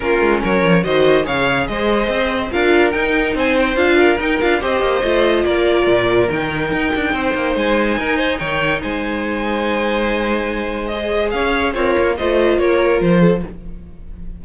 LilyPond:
<<
  \new Staff \with { instrumentName = "violin" } { \time 4/4 \tempo 4 = 143 ais'4 cis''4 dis''4 f''4 | dis''2 f''4 g''4 | gis''8 g''8 f''4 g''8 f''8 dis''4~ | dis''4 d''2 g''4~ |
g''2 gis''2 | g''4 gis''2.~ | gis''2 dis''4 f''4 | cis''4 dis''4 cis''4 c''4 | }
  \new Staff \with { instrumentName = "violin" } { \time 4/4 f'4 ais'4 c''4 cis''4 | c''2 ais'2 | c''4. ais'4. c''4~ | c''4 ais'2.~ |
ais'4 c''2 ais'8 c''8 | cis''4 c''2.~ | c''2. cis''4 | f'4 c''4 ais'4. a'8 | }
  \new Staff \with { instrumentName = "viola" } { \time 4/4 cis'2 fis'4 gis'4~ | gis'2 f'4 dis'4~ | dis'4 f'4 dis'8 f'8 g'4 | f'2. dis'4~ |
dis'1~ | dis'1~ | dis'2 gis'2 | ais'4 f'2. | }
  \new Staff \with { instrumentName = "cello" } { \time 4/4 ais8 gis8 fis8 f8 dis4 cis4 | gis4 c'4 d'4 dis'4 | c'4 d'4 dis'8 d'8 c'8 ais8 | a4 ais4 ais,4 dis4 |
dis'8 d'8 c'8 ais8 gis4 dis'4 | dis4 gis2.~ | gis2. cis'4 | c'8 ais8 a4 ais4 f4 | }
>>